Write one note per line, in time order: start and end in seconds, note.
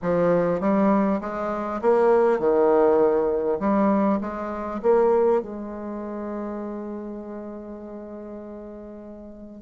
0.02 0.60 F3
0.60 1.20 G3
1.20 1.80 G#3
1.81 2.39 A#3
2.39 3.59 D#3
3.59 4.19 G3
4.20 4.80 G#3
4.82 5.42 A#3
5.42 9.62 G#3